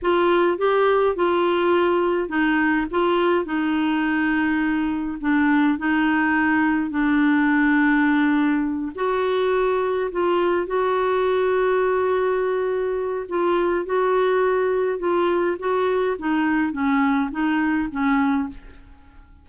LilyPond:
\new Staff \with { instrumentName = "clarinet" } { \time 4/4 \tempo 4 = 104 f'4 g'4 f'2 | dis'4 f'4 dis'2~ | dis'4 d'4 dis'2 | d'2.~ d'8 fis'8~ |
fis'4. f'4 fis'4.~ | fis'2. f'4 | fis'2 f'4 fis'4 | dis'4 cis'4 dis'4 cis'4 | }